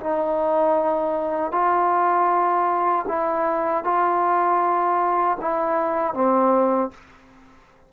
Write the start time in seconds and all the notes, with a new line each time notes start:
0.00 D#4
1.52 F4
3.08 E4
3.84 F4
5.41 E4
6.14 C4